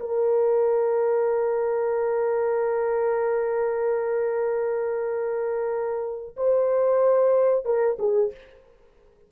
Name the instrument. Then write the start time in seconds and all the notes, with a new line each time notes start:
horn
0.00 A#4
6.37 C5
7.65 A#4
7.99 G#4